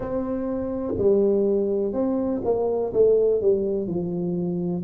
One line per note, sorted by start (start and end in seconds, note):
0.00 0.94 C4
0.97 1.92 G3
1.92 2.41 C4
2.44 2.93 A#3
2.93 3.41 A3
3.41 3.87 G3
3.87 4.84 F3